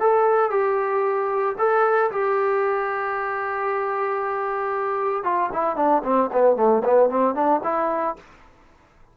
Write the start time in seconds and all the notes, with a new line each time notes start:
0.00 A4
0.50 G4
1.58 A4
2.11 G4
5.24 F4
5.53 E4
5.76 D4
6.04 C4
6.32 B3
6.56 A3
6.84 B3
7.09 C4
7.35 D4
7.63 E4